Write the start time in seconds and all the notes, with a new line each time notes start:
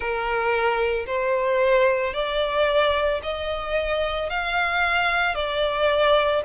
0.00 A#4
1.06 C5
2.13 D5
3.22 D#5
4.29 F5
5.34 D5